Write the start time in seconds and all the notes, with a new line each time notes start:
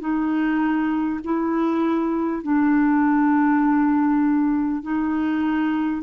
0.00 D#4
1.24 E4
2.42 D4
4.82 D#4